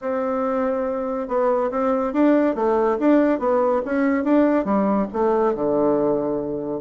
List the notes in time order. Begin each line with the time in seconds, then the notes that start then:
0.01 C4
1.27 B3
1.70 C4
2.13 D4
2.55 A3
2.99 D4
3.39 B3
3.85 C#4
4.24 D4
4.64 G3
5.12 A3
5.55 D3